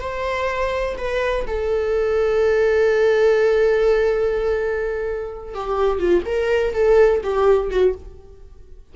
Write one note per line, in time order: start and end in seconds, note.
0.00 0.96 C5
0.98 1.46 B4
1.47 5.54 A4
5.54 5.99 G4
5.99 6.23 F4
6.25 6.73 A#4
6.73 7.21 A4
7.23 7.70 G4
7.70 7.94 F#4